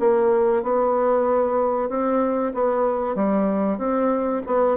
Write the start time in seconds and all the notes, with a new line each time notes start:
0.00 A#3
0.63 B3
1.89 C4
2.54 B3
3.16 G3
3.78 C4
4.47 B3